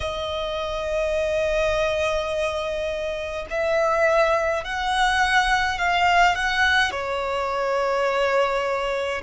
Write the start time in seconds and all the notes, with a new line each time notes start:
0.00 D#5
3.49 E5
4.64 F#5
5.78 F5
6.35 F#5
6.91 C#5